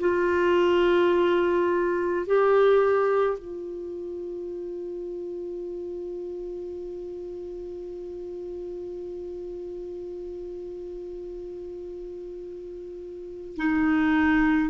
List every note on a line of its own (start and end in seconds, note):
0.00 2.26 F4
2.26 3.39 G4
3.39 13.57 F4
13.57 14.70 D#4